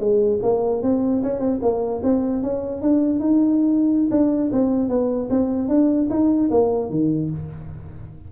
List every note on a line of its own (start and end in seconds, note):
0.00 0.40 G#3
0.43 0.83 A#3
0.83 1.23 C4
1.23 1.40 C#4
1.40 1.60 C4
1.62 2.02 A#3
2.03 2.43 C4
2.43 2.82 C#4
2.82 3.20 D4
3.20 4.10 D#4
4.11 4.51 D4
4.52 4.89 C4
4.89 5.29 B3
5.30 5.69 C4
5.69 6.09 D4
6.10 6.50 D#4
6.51 6.90 A#3
6.90 7.30 D#3